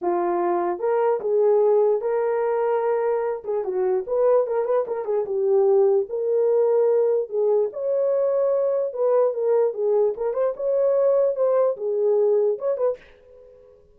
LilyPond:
\new Staff \with { instrumentName = "horn" } { \time 4/4 \tempo 4 = 148 f'2 ais'4 gis'4~ | gis'4 ais'2.~ | ais'8 gis'8 fis'4 b'4 ais'8 b'8 | ais'8 gis'8 g'2 ais'4~ |
ais'2 gis'4 cis''4~ | cis''2 b'4 ais'4 | gis'4 ais'8 c''8 cis''2 | c''4 gis'2 cis''8 b'8 | }